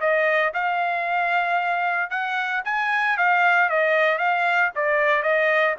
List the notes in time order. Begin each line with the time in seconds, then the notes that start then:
0.00 D#5
0.54 F5
2.10 F#5
2.65 G#5
3.17 F5
3.69 D#5
4.18 F5
4.75 D5
5.22 D#5